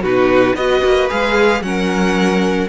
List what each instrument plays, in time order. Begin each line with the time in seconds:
0.00 cello B2, viola D#4, violin F#4 B4
0.55 cello B3, viola F#4, violin B4 D#5
0.83 cello A#3
1.08 cello G#3, viola G#4, violin F5
1.61 cello F#3, viola C#4, violin A#4 F#5